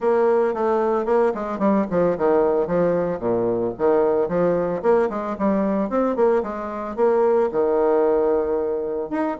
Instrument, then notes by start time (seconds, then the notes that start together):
bassoon
0.00 A#3
0.54 A3
1.05 A#3
1.34 G#3
1.58 G3
1.90 F3
2.17 D#3
2.67 F3
3.19 A#2
3.78 D#3
4.28 F3
4.82 A#3
5.09 G#3
5.38 G3
5.89 C4
6.15 A#3
6.42 G#3
6.96 A#3
7.52 D#3
9.10 D#4